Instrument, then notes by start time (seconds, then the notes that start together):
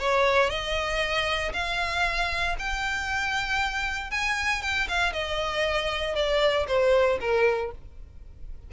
violin
0.00 C#5
0.50 D#5
1.54 F5
2.59 G5
4.11 G#5
4.62 G5
4.89 F5
5.13 D#5
6.16 D5
6.68 C5
7.21 A#4